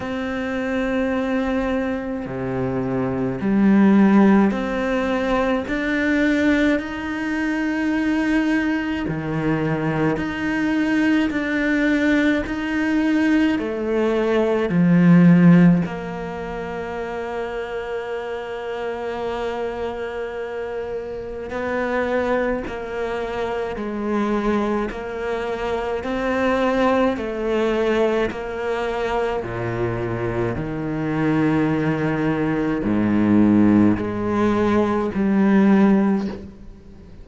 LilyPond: \new Staff \with { instrumentName = "cello" } { \time 4/4 \tempo 4 = 53 c'2 c4 g4 | c'4 d'4 dis'2 | dis4 dis'4 d'4 dis'4 | a4 f4 ais2~ |
ais2. b4 | ais4 gis4 ais4 c'4 | a4 ais4 ais,4 dis4~ | dis4 gis,4 gis4 g4 | }